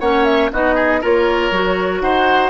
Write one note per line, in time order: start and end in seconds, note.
0.00 0.51 A#3
0.00 0.52 C#4
0.00 0.51 C#5
0.00 0.25 F#5
0.25 0.50 E5
0.53 1.03 B3
0.53 1.03 D#4
0.53 0.75 F#4
0.53 1.03 D#5
0.75 1.00 G#4
1.02 1.51 A#3
1.02 1.53 F4
1.02 2.03 A#4
1.02 2.01 C#5
1.51 2.01 F#3
1.51 2.50 F#4
2.01 2.50 D#4
2.01 2.50 C5
2.01 2.50 F#5